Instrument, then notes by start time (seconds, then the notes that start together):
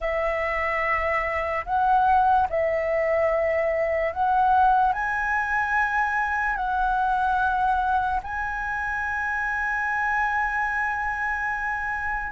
flute
0.00 E5
1.65 F#5
2.49 E5
4.12 F#5
4.92 G#5
6.55 F#5
8.23 G#5